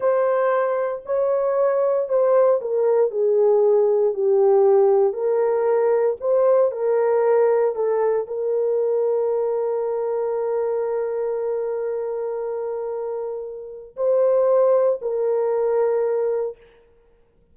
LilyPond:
\new Staff \with { instrumentName = "horn" } { \time 4/4 \tempo 4 = 116 c''2 cis''2 | c''4 ais'4 gis'2 | g'2 ais'2 | c''4 ais'2 a'4 |
ais'1~ | ais'1~ | ais'2. c''4~ | c''4 ais'2. | }